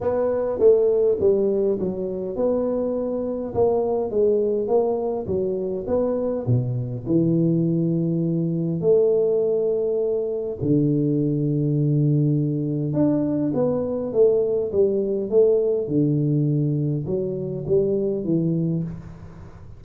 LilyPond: \new Staff \with { instrumentName = "tuba" } { \time 4/4 \tempo 4 = 102 b4 a4 g4 fis4 | b2 ais4 gis4 | ais4 fis4 b4 b,4 | e2. a4~ |
a2 d2~ | d2 d'4 b4 | a4 g4 a4 d4~ | d4 fis4 g4 e4 | }